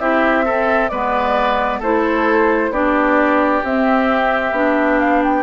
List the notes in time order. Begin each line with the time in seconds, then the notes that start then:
0.00 C4 E4 G4 E5
0.45 C4 A4
0.89 G#3 B3 B4 D5
1.80 A3 E4 A4 C5
2.70 B3 D4 G4 D5
3.64 C4 E5
4.52 B3 D4
5.00 F5
5.24 G5